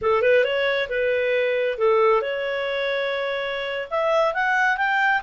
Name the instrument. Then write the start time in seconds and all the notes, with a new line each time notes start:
clarinet
0.01 A4
0.22 B4
0.43 C#5
0.89 B4
1.78 A4
2.21 C#5
3.90 E5
4.34 F#5
4.77 G5